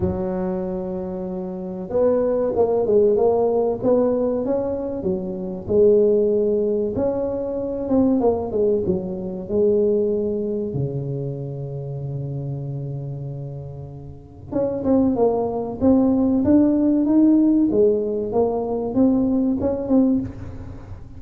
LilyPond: \new Staff \with { instrumentName = "tuba" } { \time 4/4 \tempo 4 = 95 fis2. b4 | ais8 gis8 ais4 b4 cis'4 | fis4 gis2 cis'4~ | cis'8 c'8 ais8 gis8 fis4 gis4~ |
gis4 cis2.~ | cis2. cis'8 c'8 | ais4 c'4 d'4 dis'4 | gis4 ais4 c'4 cis'8 c'8 | }